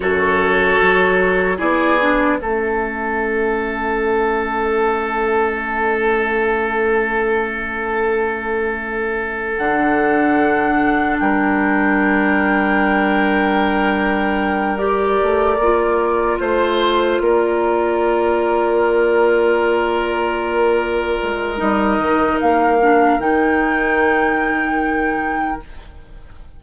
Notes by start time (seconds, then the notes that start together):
0.00 F#2 F#4 A4 C#5
0.81 F#3
1.57 B3 E4 G#4 D5
2.01 D4
2.38 A3 C#4 A4 E5
9.57 D3 D4 F#5
11.19 G3 A#4 G5
14.78 G4 D5
15.22 A3
15.58 A#3 F4
16.39 A3 C5
17.19 A#3 A#4 D5
21.22 G#3
21.57 G3 D#4 D#5
21.98 D#3
22.40 A#3 F5
22.82 D4
23.19 D#3 D#4 G5